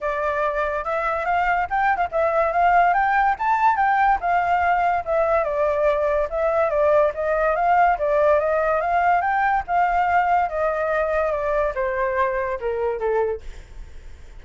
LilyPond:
\new Staff \with { instrumentName = "flute" } { \time 4/4 \tempo 4 = 143 d''2 e''4 f''4 | g''8. f''16 e''4 f''4 g''4 | a''4 g''4 f''2 | e''4 d''2 e''4 |
d''4 dis''4 f''4 d''4 | dis''4 f''4 g''4 f''4~ | f''4 dis''2 d''4 | c''2 ais'4 a'4 | }